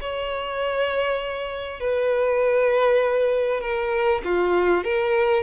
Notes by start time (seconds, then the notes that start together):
0.00 C#5
1.80 B4
3.61 A#4
4.24 F4
4.84 A#4